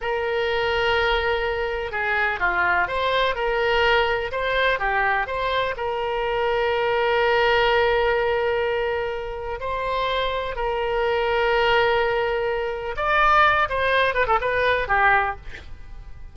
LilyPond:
\new Staff \with { instrumentName = "oboe" } { \time 4/4 \tempo 4 = 125 ais'1 | gis'4 f'4 c''4 ais'4~ | ais'4 c''4 g'4 c''4 | ais'1~ |
ais'1 | c''2 ais'2~ | ais'2. d''4~ | d''8 c''4 b'16 a'16 b'4 g'4 | }